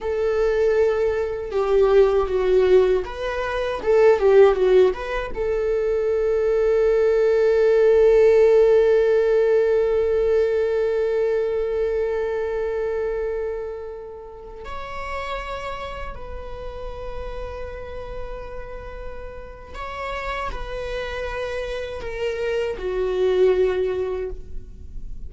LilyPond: \new Staff \with { instrumentName = "viola" } { \time 4/4 \tempo 4 = 79 a'2 g'4 fis'4 | b'4 a'8 g'8 fis'8 b'8 a'4~ | a'1~ | a'1~ |
a'2.~ a'16 cis''8.~ | cis''4~ cis''16 b'2~ b'8.~ | b'2 cis''4 b'4~ | b'4 ais'4 fis'2 | }